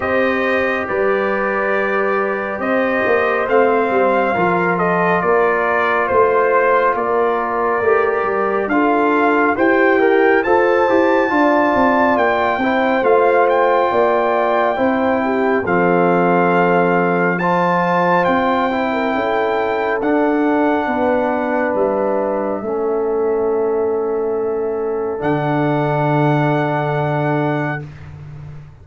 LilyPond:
<<
  \new Staff \with { instrumentName = "trumpet" } { \time 4/4 \tempo 4 = 69 dis''4 d''2 dis''4 | f''4. dis''8 d''4 c''4 | d''2 f''4 g''4 | a''2 g''4 f''8 g''8~ |
g''2 f''2 | a''4 g''2 fis''4~ | fis''4 e''2.~ | e''4 fis''2. | }
  \new Staff \with { instrumentName = "horn" } { \time 4/4 c''4 b'2 c''4~ | c''4 ais'8 a'8 ais'4 c''4 | ais'2 a'4 g'4 | c''4 d''4. c''4. |
d''4 c''8 g'8 a'2 | c''4.~ c''16 ais'16 a'2 | b'2 a'2~ | a'1 | }
  \new Staff \with { instrumentName = "trombone" } { \time 4/4 g'1 | c'4 f'2.~ | f'4 g'4 f'4 c''8 ais'8 | a'8 g'8 f'4. e'8 f'4~ |
f'4 e'4 c'2 | f'4. e'4. d'4~ | d'2 cis'2~ | cis'4 d'2. | }
  \new Staff \with { instrumentName = "tuba" } { \time 4/4 c'4 g2 c'8 ais8 | a8 g8 f4 ais4 a4 | ais4 a8 g8 d'4 e'4 | f'8 e'8 d'8 c'8 ais8 c'8 a4 |
ais4 c'4 f2~ | f4 c'4 cis'4 d'4 | b4 g4 a2~ | a4 d2. | }
>>